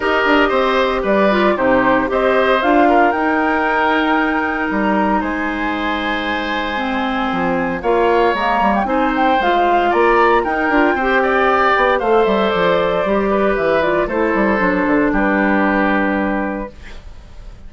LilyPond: <<
  \new Staff \with { instrumentName = "flute" } { \time 4/4 \tempo 4 = 115 dis''2 d''4 c''4 | dis''4 f''4 g''2~ | g''4 ais''4 gis''2~ | gis''2. f''4 |
ais''8. g''16 gis''8 g''8 f''4 ais''4 | g''2. f''8 e''8 | d''2 e''8 d''8 c''4~ | c''4 b'2. | }
  \new Staff \with { instrumentName = "oboe" } { \time 4/4 ais'4 c''4 b'4 g'4 | c''4. ais'2~ ais'8~ | ais'2 c''2~ | c''2. cis''4~ |
cis''4 c''2 d''4 | ais'4 c''8 d''4. c''4~ | c''4. b'4. a'4~ | a'4 g'2. | }
  \new Staff \with { instrumentName = "clarinet" } { \time 4/4 g'2~ g'8 f'8 dis'4 | g'4 f'4 dis'2~ | dis'1~ | dis'4 c'2 f'4 |
ais4 dis'4 f'2 | dis'8 f'8 g'2 a'4~ | a'4 g'4. f'8 e'4 | d'1 | }
  \new Staff \with { instrumentName = "bassoon" } { \time 4/4 dis'8 d'8 c'4 g4 c4 | c'4 d'4 dis'2~ | dis'4 g4 gis2~ | gis2 f4 ais4 |
gis8 g8 c'4 gis4 ais4 | dis'8 d'8 c'4. b8 a8 g8 | f4 g4 e4 a8 g8 | fis8 d8 g2. | }
>>